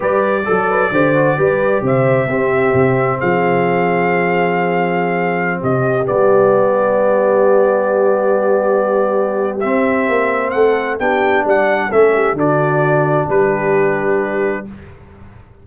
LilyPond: <<
  \new Staff \with { instrumentName = "trumpet" } { \time 4/4 \tempo 4 = 131 d''1 | e''2. f''4~ | f''1~ | f''16 dis''4 d''2~ d''8.~ |
d''1~ | d''4 e''2 fis''4 | g''4 fis''4 e''4 d''4~ | d''4 b'2. | }
  \new Staff \with { instrumentName = "horn" } { \time 4/4 b'4 a'8 b'8 c''4 b'4 | c''4 g'2 gis'4~ | gis'1~ | gis'16 g'2.~ g'8.~ |
g'1~ | g'2. a'4 | g'4 d''4 a'8 g'8 fis'4~ | fis'4 g'2. | }
  \new Staff \with { instrumentName = "trombone" } { \time 4/4 g'4 a'4 g'8 fis'8 g'4~ | g'4 c'2.~ | c'1~ | c'4~ c'16 b2~ b8.~ |
b1~ | b4 c'2. | d'2 cis'4 d'4~ | d'1 | }
  \new Staff \with { instrumentName = "tuba" } { \time 4/4 g4 fis4 d4 g4 | c4 c'4 c4 f4~ | f1~ | f16 c4 g2~ g8.~ |
g1~ | g4 c'4 ais4 a4 | b4 g4 a4 d4~ | d4 g2. | }
>>